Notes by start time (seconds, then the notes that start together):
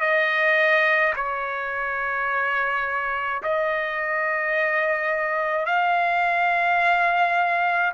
0.00 D#5
1.15 C#5
3.42 D#5
5.66 F5